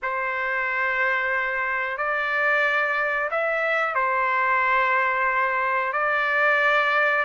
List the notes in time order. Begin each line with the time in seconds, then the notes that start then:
0.02 C5
1.97 D5
3.30 E5
3.94 C5
5.93 D5